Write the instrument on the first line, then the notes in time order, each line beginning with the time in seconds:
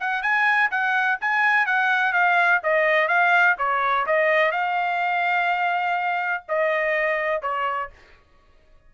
trumpet
0.00 F#5
0.22 G#5
0.71 F#5
1.21 G#5
1.66 F#5
2.13 F5
2.63 D#5
3.08 F5
3.58 C#5
4.06 D#5
4.52 F5
6.48 D#5
7.42 C#5